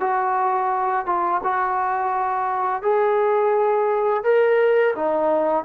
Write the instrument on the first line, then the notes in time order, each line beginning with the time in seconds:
trombone
0.00 F#4
1.06 F4
1.44 F#4
2.82 G#4
4.24 A#4
4.95 D#4